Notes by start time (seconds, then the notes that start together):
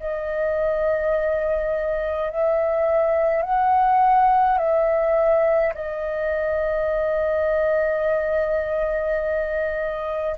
0.00 D#5
2.31 E5
3.43 F#5
4.58 E5
5.75 D#5